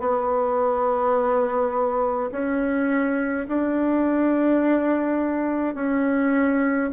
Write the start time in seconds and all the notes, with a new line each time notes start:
0.00 B3
2.32 C#4
3.48 D4
5.75 C#4